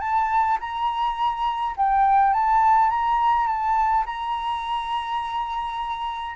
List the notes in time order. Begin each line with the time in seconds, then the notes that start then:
0.00 A5
0.60 A#5
1.76 G5
2.33 A5
2.90 A#5
3.47 A5
4.06 A#5